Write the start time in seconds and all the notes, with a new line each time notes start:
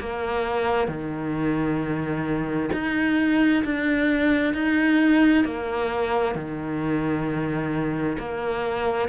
0.00 A#3
0.88 D#3
2.73 D#4
3.64 D4
4.54 D#4
5.45 A#3
6.36 D#3
8.19 A#3